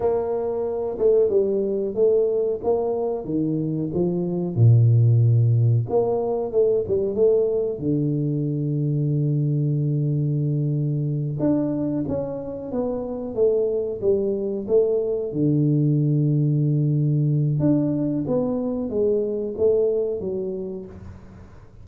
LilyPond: \new Staff \with { instrumentName = "tuba" } { \time 4/4 \tempo 4 = 92 ais4. a8 g4 a4 | ais4 dis4 f4 ais,4~ | ais,4 ais4 a8 g8 a4 | d1~ |
d4. d'4 cis'4 b8~ | b8 a4 g4 a4 d8~ | d2. d'4 | b4 gis4 a4 fis4 | }